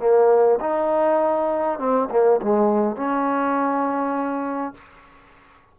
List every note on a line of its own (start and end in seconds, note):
0.00 0.59 A#3
0.61 1.80 D#4
1.80 2.09 C4
2.11 2.41 A#3
2.42 2.96 G#3
2.96 4.75 C#4